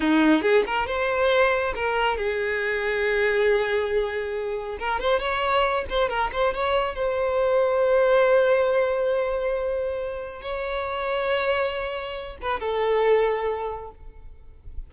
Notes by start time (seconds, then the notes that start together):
0.00 D#4
0.42 G#4
0.66 A#4
0.87 C5
1.75 A#4
2.17 G#4
4.79 A#4
5.00 C5
5.19 C#5
5.89 C5
6.08 A#4
6.32 C5
6.54 C#5
6.95 C5
10.41 C#5
12.41 B4
12.60 A4